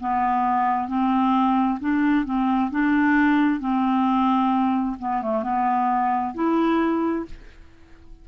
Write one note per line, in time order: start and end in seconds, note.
0.00 0.88 B3
0.88 1.79 C4
1.80 2.25 D4
2.25 2.71 C4
2.71 3.60 D4
3.60 4.96 C4
4.99 5.22 B3
5.22 5.43 A3
5.43 6.34 B3
6.34 7.25 E4